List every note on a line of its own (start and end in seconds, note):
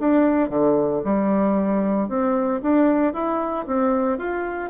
0.00 0.49 D4
0.49 1.02 D3
1.04 2.09 G3
2.09 2.61 C4
2.62 3.13 D4
3.13 3.66 E4
3.67 4.18 C4
4.18 4.70 F4